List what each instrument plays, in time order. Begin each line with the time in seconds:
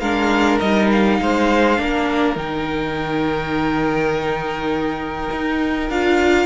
0.00 cello G#3, viola D4, violin A#4 F5
0.60 cello G3, viola D#4, violin D#5
0.93 violin F5
1.21 cello G#3, violin C5
1.77 cello A#3, viola D4, violin A#4
2.36 cello D#3, viola D#4, violin G5
5.31 cello D#4
5.90 cello D4, viola F4, violin F5